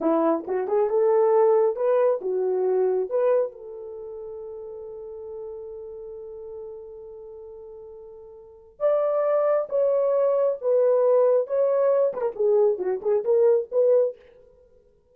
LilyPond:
\new Staff \with { instrumentName = "horn" } { \time 4/4 \tempo 4 = 136 e'4 fis'8 gis'8 a'2 | b'4 fis'2 b'4 | a'1~ | a'1~ |
a'1 | d''2 cis''2 | b'2 cis''4. b'16 ais'16 | gis'4 fis'8 gis'8 ais'4 b'4 | }